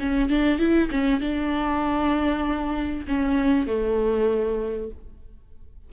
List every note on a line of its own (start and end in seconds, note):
0.00 0.30 C#4
0.30 0.59 D4
0.59 0.90 E4
0.91 1.21 C#4
1.21 3.06 D4
3.08 3.67 C#4
3.67 4.91 A3